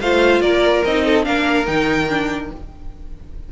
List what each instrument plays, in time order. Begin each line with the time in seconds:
0.00 cello A3, viola F4, violin C5 F5
0.40 cello A#3, violin A#4 D5
0.84 cello C4, viola D#4, violin D#5
1.05 violin A4
1.23 cello A#3, viola D4, violin A#4 F5
1.66 cello D#3, viola D#4, violin G5
2.09 viola D4